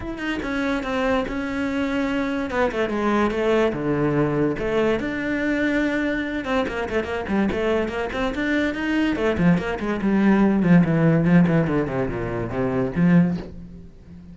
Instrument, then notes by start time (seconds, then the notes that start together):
cello
0.00 E4
0.18 D#4
0.42 C#4
0.83 C4
1.28 C#4
2.50 B3
2.71 A3
2.89 G#3
3.30 A3
3.72 D3
4.58 A3
4.99 D4
6.45 C4
6.68 A#3
6.89 A3
7.04 A#3
7.28 G3
7.51 A3
7.88 A#3
8.12 C4
8.34 D4
8.74 D#4
9.16 A3
9.37 F3
9.58 A#3
9.79 G#3
10.01 G3
10.62 F3
10.84 E3
11.24 F3
11.47 E3
11.67 D3
11.87 C3
12.08 A#2
12.50 C3
12.95 F3